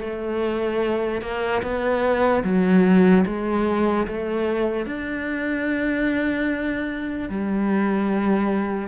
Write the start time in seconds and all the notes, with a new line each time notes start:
0.00 A3
1.21 A#3
1.62 B3
2.43 F#3
3.26 G#3
4.07 A3
4.86 D4
7.29 G3